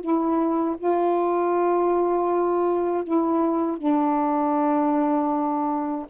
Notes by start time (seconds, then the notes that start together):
0.00 E4
0.77 F4
3.03 E4
3.78 D4